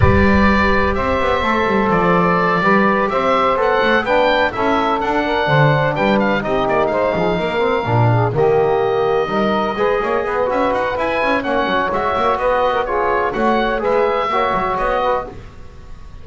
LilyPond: <<
  \new Staff \with { instrumentName = "oboe" } { \time 4/4 \tempo 4 = 126 d''2 e''2 | d''2~ d''8 e''4 fis''8~ | fis''8 g''4 e''4 fis''4.~ | fis''8 g''8 f''8 dis''8 d''8 f''4.~ |
f''4. dis''2~ dis''8~ | dis''2 e''8 fis''8 gis''4 | fis''4 e''4 dis''4 cis''4 | fis''4 e''2 dis''4 | }
  \new Staff \with { instrumentName = "saxophone" } { \time 4/4 b'2 c''2~ | c''4. b'4 c''4.~ | c''8 b'4 a'4. ais'8 c''8~ | c''8 b'4 g'4 c''8 gis'8 ais'8~ |
ais'4 gis'8 g'2 ais'8~ | ais'8 b'8 cis''8 b'2~ b'8 | cis''2 b'8. ais'16 gis'4 | cis''4 b'4 cis''4. b'8 | }
  \new Staff \with { instrumentName = "trombone" } { \time 4/4 g'2. a'4~ | a'4. g'2 a'8~ | a'8 d'4 e'4 d'4.~ | d'4. dis'2~ dis'8 |
c'8 d'4 ais2 dis'8~ | dis'8 gis'4. fis'4 e'4 | cis'4 fis'2 f'4 | fis'4 gis'4 fis'2 | }
  \new Staff \with { instrumentName = "double bass" } { \time 4/4 g2 c'8 b8 a8 g8 | f4. g4 c'4 b8 | a8 b4 cis'4 d'4 d8~ | d8 g4 c'8 ais8 gis8 f8 ais8~ |
ais8 ais,4 dis2 g8~ | g8 gis8 ais8 b8 cis'8 dis'8 e'8 cis'8 | ais8 fis8 gis8 ais8 b2 | a4 gis4 ais8 fis8 b4 | }
>>